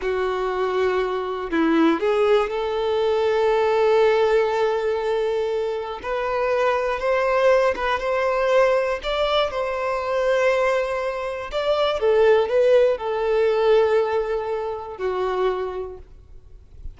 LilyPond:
\new Staff \with { instrumentName = "violin" } { \time 4/4 \tempo 4 = 120 fis'2. e'4 | gis'4 a'2.~ | a'1 | b'2 c''4. b'8 |
c''2 d''4 c''4~ | c''2. d''4 | a'4 b'4 a'2~ | a'2 fis'2 | }